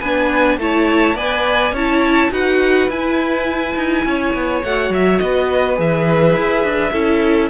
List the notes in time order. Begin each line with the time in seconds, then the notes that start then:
0.00 B3 D4 B4 G#5
0.58 A3 E4 C#5 A5
1.14 B3 B4 D5 G#5
1.72 C#4 E4 C#5 A5
2.31 D#4 F#4 B4 F#5
2.89 E4 G#5
3.76 D#4
4.05 C#4 C#5
4.34 B3
4.64 A3 F#4 F#5
4.90 F#3 E5
5.19 B3 B4 D#5
5.76 E3 G#4 E5
6.36 E4
6.64 D4
6.92 C#4 E4 A4